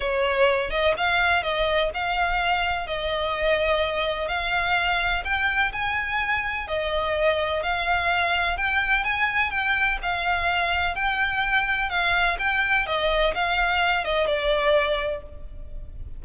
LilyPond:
\new Staff \with { instrumentName = "violin" } { \time 4/4 \tempo 4 = 126 cis''4. dis''8 f''4 dis''4 | f''2 dis''2~ | dis''4 f''2 g''4 | gis''2 dis''2 |
f''2 g''4 gis''4 | g''4 f''2 g''4~ | g''4 f''4 g''4 dis''4 | f''4. dis''8 d''2 | }